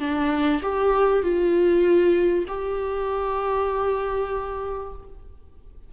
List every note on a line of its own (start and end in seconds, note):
0.00 0.61 D4
0.62 1.23 G4
1.23 2.45 F4
2.48 4.93 G4